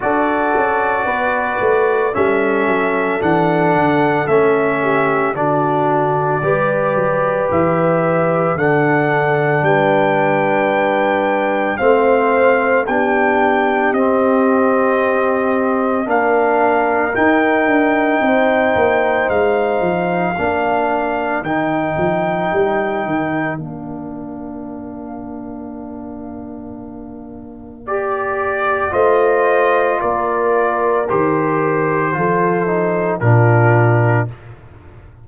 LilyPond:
<<
  \new Staff \with { instrumentName = "trumpet" } { \time 4/4 \tempo 4 = 56 d''2 e''4 fis''4 | e''4 d''2 e''4 | fis''4 g''2 f''4 | g''4 dis''2 f''4 |
g''2 f''2 | g''2 f''2~ | f''2 d''4 dis''4 | d''4 c''2 ais'4 | }
  \new Staff \with { instrumentName = "horn" } { \time 4/4 a'4 b'4 a'2~ | a'8 g'8 fis'4 b'2 | a'4 b'2 c''4 | g'2. ais'4~ |
ais'4 c''2 ais'4~ | ais'1~ | ais'2. c''4 | ais'2 a'4 f'4 | }
  \new Staff \with { instrumentName = "trombone" } { \time 4/4 fis'2 cis'4 d'4 | cis'4 d'4 g'2 | d'2. c'4 | d'4 c'2 d'4 |
dis'2. d'4 | dis'2 d'2~ | d'2 g'4 f'4~ | f'4 g'4 f'8 dis'8 d'4 | }
  \new Staff \with { instrumentName = "tuba" } { \time 4/4 d'8 cis'8 b8 a8 g8 fis8 e8 d8 | a4 d4 g8 fis8 e4 | d4 g2 a4 | b4 c'2 ais4 |
dis'8 d'8 c'8 ais8 gis8 f8 ais4 | dis8 f8 g8 dis8 ais2~ | ais2. a4 | ais4 dis4 f4 ais,4 | }
>>